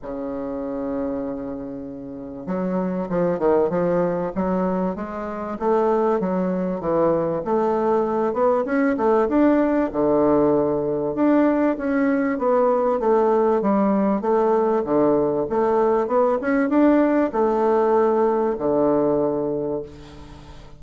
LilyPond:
\new Staff \with { instrumentName = "bassoon" } { \time 4/4 \tempo 4 = 97 cis1 | fis4 f8 dis8 f4 fis4 | gis4 a4 fis4 e4 | a4. b8 cis'8 a8 d'4 |
d2 d'4 cis'4 | b4 a4 g4 a4 | d4 a4 b8 cis'8 d'4 | a2 d2 | }